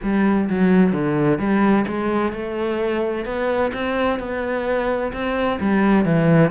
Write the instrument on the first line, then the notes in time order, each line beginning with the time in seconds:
cello
0.02 G3
0.49 F#3
0.92 D3
1.38 G3
1.87 G#3
2.32 A3
3.25 B3
3.73 C4
4.19 B3
5.12 C4
5.60 G3
6.05 E3